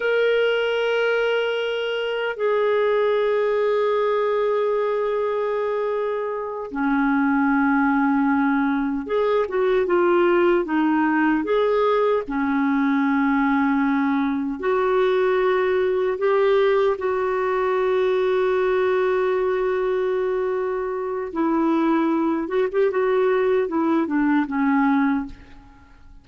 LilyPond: \new Staff \with { instrumentName = "clarinet" } { \time 4/4 \tempo 4 = 76 ais'2. gis'4~ | gis'1~ | gis'8 cis'2. gis'8 | fis'8 f'4 dis'4 gis'4 cis'8~ |
cis'2~ cis'8 fis'4.~ | fis'8 g'4 fis'2~ fis'8~ | fis'2. e'4~ | e'8 fis'16 g'16 fis'4 e'8 d'8 cis'4 | }